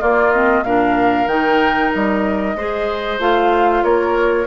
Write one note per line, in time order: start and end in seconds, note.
0.00 0.32 A#3
0.00 0.62 A#3
0.00 0.64 F4
0.00 0.31 D5
0.31 0.64 C4
0.31 0.63 D#5
0.62 1.26 A#2
0.62 1.28 D4
0.62 2.56 A#4
0.62 1.27 F5
1.26 1.90 D#3
1.26 2.56 D#4
1.26 1.91 G5
1.92 2.55 G3
1.92 3.20 D#5
2.55 3.18 G#3
2.55 3.19 G#4
2.55 3.83 C5
3.19 3.83 A3
3.19 4.46 F4
3.19 3.83 F5
3.83 4.46 A#3
3.83 4.46 A#4
3.83 4.46 C#5